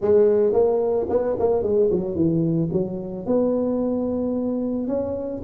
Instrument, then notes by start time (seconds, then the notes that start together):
tuba
0.01 G#3
0.53 A#3
1.09 B3
1.39 A#3
1.62 G#3
1.91 F#3
2.15 E3
2.72 F#3
3.26 B3
4.87 C#4